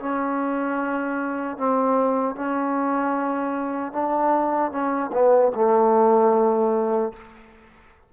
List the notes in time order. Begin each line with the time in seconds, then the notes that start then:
0.00 C#4
1.58 C4
2.36 C#4
3.93 D4
4.72 C#4
5.13 B3
5.56 A3